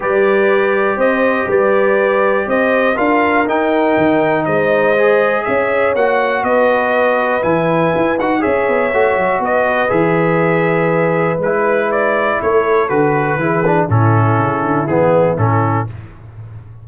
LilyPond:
<<
  \new Staff \with { instrumentName = "trumpet" } { \time 4/4 \tempo 4 = 121 d''2 dis''4 d''4~ | d''4 dis''4 f''4 g''4~ | g''4 dis''2 e''4 | fis''4 dis''2 gis''4~ |
gis''8 fis''8 e''2 dis''4 | e''2. b'4 | d''4 cis''4 b'2 | a'2 gis'4 a'4 | }
  \new Staff \with { instrumentName = "horn" } { \time 4/4 b'2 c''4 b'4~ | b'4 c''4 ais'2~ | ais'4 c''2 cis''4~ | cis''4 b'2.~ |
b'4 cis''2 b'4~ | b'1~ | b'4 a'2 gis'4 | e'1 | }
  \new Staff \with { instrumentName = "trombone" } { \time 4/4 g'1~ | g'2 f'4 dis'4~ | dis'2 gis'2 | fis'2. e'4~ |
e'8 fis'8 gis'4 fis'2 | gis'2. e'4~ | e'2 fis'4 e'8 d'8 | cis'2 b4 cis'4 | }
  \new Staff \with { instrumentName = "tuba" } { \time 4/4 g2 c'4 g4~ | g4 c'4 d'4 dis'4 | dis4 gis2 cis'4 | ais4 b2 e4 |
e'8 dis'8 cis'8 b8 a8 fis8 b4 | e2. gis4~ | gis4 a4 d4 e4 | a,4 cis8 d8 e4 a,4 | }
>>